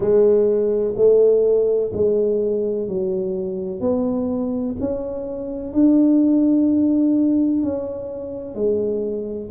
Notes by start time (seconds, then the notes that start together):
0.00 G#3
0.96 A3
1.93 G#3
2.88 F#3
3.80 B3
4.80 C#4
5.72 D4
7.62 C#4
8.55 G#3